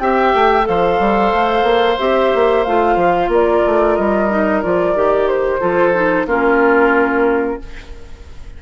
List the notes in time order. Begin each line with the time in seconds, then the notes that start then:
0.00 C4 G4 E5 G5
0.34 A3
0.63 F3 A4 C5 F5
1.00 G3
1.33 A3
1.63 A#3
1.99 C4 G4 E5
2.34 A#3
2.64 A3 F4 F5
2.96 F3
3.28 A#3 A#4 D5
3.66 A3
3.95 G3 D#5
4.30 D#4
4.63 F3 F4 D5
4.95 D#3 G4
5.28 C5
5.60 F3 F4 A4
5.94 D#4
6.26 A#3 C#4 F4 A#4